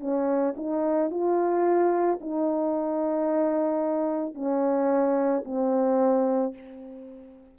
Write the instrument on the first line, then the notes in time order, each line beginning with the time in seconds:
horn
0.00 C#4
0.57 D#4
1.11 F4
2.21 D#4
4.34 C#4
5.45 C4